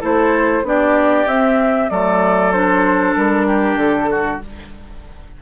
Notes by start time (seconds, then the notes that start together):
0.00 A3 E4 A4 C5
0.62 B3 D4 G4 D5
1.26 C4 E5
1.89 F#3 A3 A4 D5
2.52 D4 C5
3.15 G3 A#4
3.46 G4
3.74 D3 A4
4.10 F#4